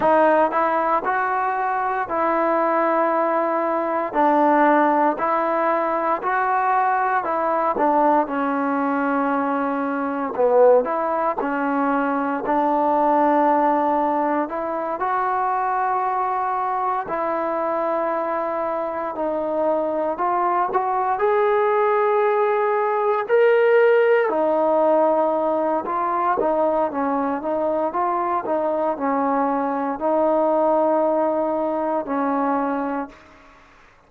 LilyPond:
\new Staff \with { instrumentName = "trombone" } { \time 4/4 \tempo 4 = 58 dis'8 e'8 fis'4 e'2 | d'4 e'4 fis'4 e'8 d'8 | cis'2 b8 e'8 cis'4 | d'2 e'8 fis'4.~ |
fis'8 e'2 dis'4 f'8 | fis'8 gis'2 ais'4 dis'8~ | dis'4 f'8 dis'8 cis'8 dis'8 f'8 dis'8 | cis'4 dis'2 cis'4 | }